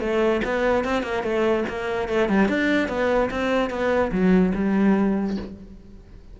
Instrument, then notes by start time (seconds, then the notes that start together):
cello
0.00 A3
0.44 B3
0.84 C4
1.03 A#3
1.23 A3
1.69 A#3
2.08 A3
2.29 G3
2.48 D4
2.88 B3
3.30 C4
3.70 B3
4.12 F#3
4.54 G3